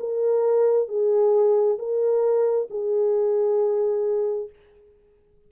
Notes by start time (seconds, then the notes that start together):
0.00 A#4
0.89 G#4
1.79 A#4
2.70 G#4